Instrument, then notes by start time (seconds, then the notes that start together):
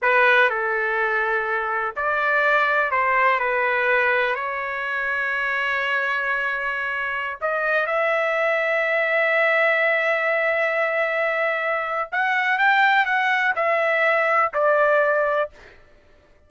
trumpet
0.02 B4
0.49 A4
1.96 D5
2.91 C5
3.39 B4
4.35 C#5
7.41 D#5
7.86 E5
12.11 F#5
12.58 G5
13.05 F#5
13.55 E5
14.53 D5